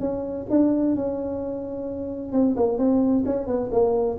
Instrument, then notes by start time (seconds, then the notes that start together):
tuba
0.00 C#4
0.50 D4
0.95 C#4
2.32 C4
2.56 A#3
2.78 C4
3.25 C#4
3.47 B3
3.71 A#3